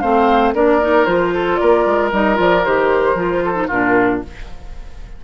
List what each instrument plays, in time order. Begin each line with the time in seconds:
0.00 bassoon A3, clarinet C4, oboe C5, flute F5
0.54 bassoon A#3, clarinet D4, oboe A#4, flute D5
0.82 clarinet D#4
1.06 bassoon F3, clarinet F4, flute C5
1.35 oboe A4
1.57 bassoon A#3, oboe A#4, flute D5
1.86 bassoon G#3
2.12 bassoon G3, clarinet D#4, flute D#5
2.35 bassoon F3, clarinet F4, flute D5
2.65 bassoon D#3, clarinet G4, flute C5
3.15 bassoon F3, clarinet F4
3.45 oboe A4
3.55 clarinet D#4
3.68 bassoon A#2, clarinet D4, oboe F4, flute A#4